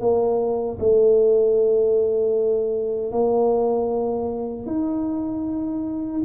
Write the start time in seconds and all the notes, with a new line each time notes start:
0.00 A#3
0.79 A3
3.12 A#3
4.66 D#4